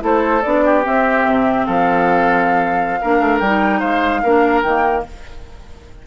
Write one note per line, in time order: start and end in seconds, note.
0.00 0.44 A3
0.00 0.41 E4
0.00 0.65 A4
0.00 0.42 C5
0.42 0.87 B3
0.42 0.84 D4
0.42 0.83 D5
0.65 1.67 G4
0.84 3.00 C4
0.84 1.27 C4
0.84 1.66 E5
1.27 1.68 C3
1.66 3.02 F3
1.66 3.00 A4
1.66 3.40 F5
3.02 3.21 A#3
3.02 3.44 D4
3.02 3.80 A#4
3.21 3.41 A3
3.40 3.82 G3
3.40 4.25 D#4
3.40 3.80 G5
3.80 4.24 G#3
3.80 4.21 C5
3.80 4.62 F5
4.23 4.64 A#3
4.23 4.66 D4
4.23 5.06 A#4
4.63 5.05 D#3
4.63 5.07 A#3
4.63 5.04 G5